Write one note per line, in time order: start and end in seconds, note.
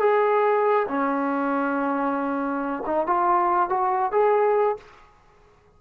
0.00 0.87 G#4
0.88 2.84 C#4
2.87 3.07 D#4
3.07 3.70 F4
3.70 4.12 F#4
4.12 4.77 G#4